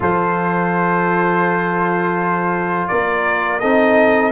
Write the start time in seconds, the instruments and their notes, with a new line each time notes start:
0.00 tuba F3, trombone F4, horn A4, trumpet C5
2.88 tuba A#3, horn A#4, trumpet D5
3.59 tuba C4, trombone D#4, horn A4, trumpet D#5